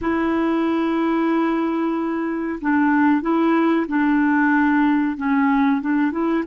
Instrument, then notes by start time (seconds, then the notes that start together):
clarinet
0.01 E4
2.61 D4
3.21 E4
3.87 D4
5.16 C#4
5.81 D4
6.11 E4